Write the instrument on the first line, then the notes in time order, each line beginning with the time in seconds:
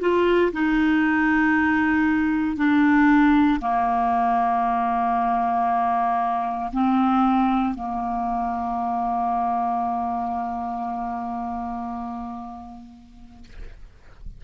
clarinet
0.00 F4
0.52 D#4
2.56 D4
3.61 A#3
6.72 C4
7.74 A#3